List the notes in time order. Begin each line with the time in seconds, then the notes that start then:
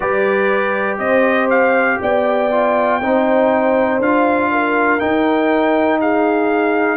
0.00 G3 G4 B4 D5
0.98 C4 C5 D#5
1.50 F5
2.01 B3 D5 G5
2.51 F4
3.00 C4 D#4 C5
3.99 D4 F4 F5
4.51 A#4
4.99 D#4 G5
6.00 G#4 F5